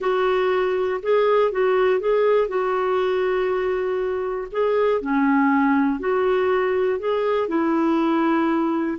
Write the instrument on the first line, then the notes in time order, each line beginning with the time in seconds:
clarinet
0.00 F#4
1.02 G#4
1.51 F#4
2.00 G#4
2.48 F#4
4.51 G#4
5.01 C#4
5.99 F#4
6.99 G#4
7.47 E4